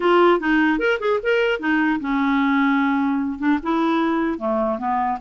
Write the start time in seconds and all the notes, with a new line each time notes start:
0.00 F4
0.39 D#4
0.78 A#4
0.99 G#4
1.23 A#4
1.59 D#4
1.99 C#4
3.39 D4
3.62 E4
4.38 A3
4.78 B3